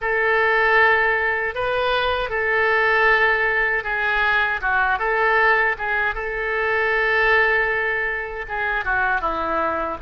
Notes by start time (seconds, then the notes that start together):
0.01 A4
1.55 B4
2.29 A4
3.83 G#4
4.61 F#4
4.99 A4
5.78 G#4
6.14 A4
8.48 G#4
8.84 F#4
9.20 E4